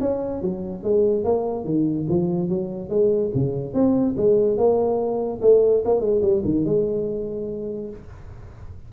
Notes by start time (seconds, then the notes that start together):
0.00 C#4
0.41 F#3
0.83 G#3
1.24 A#3
1.64 D#3
2.09 F3
2.49 F#3
2.89 G#3
3.34 C#3
3.73 C4
4.16 G#3
4.57 A#3
5.41 A3
5.85 A#3
6.00 G#3
6.21 G3
6.44 D#3
6.65 G#3